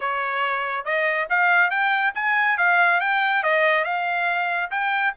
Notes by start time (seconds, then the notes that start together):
0.00 C#5
0.85 D#5
1.29 F5
1.70 G5
2.14 G#5
2.57 F5
3.00 G5
3.43 D#5
3.84 F5
4.70 G5